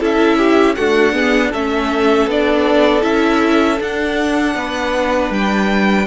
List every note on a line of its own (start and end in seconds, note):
0.00 0.77 C#4
0.00 0.76 E4
0.00 0.38 A4
0.00 0.75 E5
0.38 0.76 G4
0.75 1.13 A3
0.75 1.54 D4
0.75 1.14 F#4
0.75 1.51 F#5
1.13 1.51 B3
1.13 1.51 G#4
1.51 2.27 A3
1.51 2.30 C#4
1.51 4.55 A4
1.51 2.30 E5
2.27 3.03 B3
2.27 3.02 D4
2.27 3.03 D5
3.02 3.80 C#4
3.02 3.78 E4
3.02 3.79 E5
3.78 6.06 D4
3.78 4.55 D4
3.78 5.33 F#5
4.55 5.31 B3
4.55 6.07 B4
5.31 6.06 G3
5.31 6.07 G5